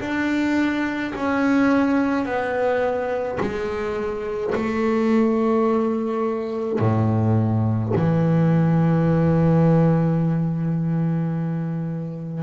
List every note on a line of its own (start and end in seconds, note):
0.00 1.13 D4
1.15 2.25 C#4
2.25 3.38 B3
3.40 4.53 G#3
4.54 6.79 A3
6.79 7.92 A2
7.95 12.43 E3